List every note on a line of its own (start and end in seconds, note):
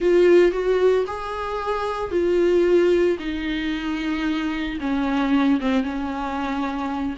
0.00 0.51 F4
0.51 1.05 F#4
1.06 2.11 G#4
2.11 3.17 F4
3.19 4.78 D#4
4.80 5.59 C#4
5.60 5.83 C4
5.83 7.15 C#4